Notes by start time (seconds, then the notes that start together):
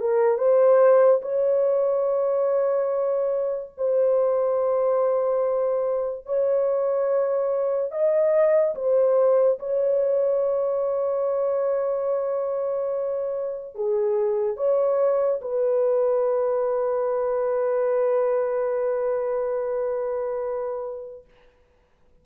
0.00 A#4
0.37 C5
1.22 C#5
3.77 C5
6.25 C#5
7.91 D#5
8.75 C5
9.59 C#5
13.75 G#4
14.56 C#5
15.41 B4